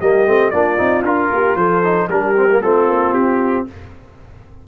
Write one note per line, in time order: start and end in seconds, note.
0.00 0.26 G3
0.00 0.26 A#3
0.00 0.51 G4
0.00 0.50 D#5
0.26 0.52 A3
0.26 0.52 C4
0.50 0.79 A#3
0.50 0.77 D4
0.50 1.30 F4
0.50 1.02 D5
0.77 1.02 C4
0.77 1.03 D#4
1.02 1.28 D4
1.02 1.83 F4
1.02 1.56 A#4
1.32 1.55 A#3
1.32 1.57 G4
1.55 2.07 F3
1.55 2.09 A4
1.55 2.08 C5
1.83 2.09 D#4
2.08 2.60 G3
2.08 2.36 D4
2.08 2.62 G4
2.08 2.61 A#4
2.36 2.49 C4
2.49 2.62 A#3
2.61 2.88 A3
2.61 3.67 C4
2.61 3.66 F4
2.61 3.13 A4
2.88 3.12 A#3
3.12 3.64 C4
3.12 3.66 G4